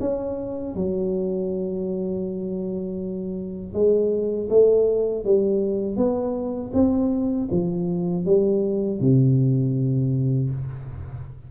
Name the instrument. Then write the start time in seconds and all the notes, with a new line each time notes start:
tuba
0.00 C#4
0.75 F#3
3.73 G#3
4.49 A3
5.25 G3
5.97 B3
6.73 C4
7.51 F3
8.25 G3
9.00 C3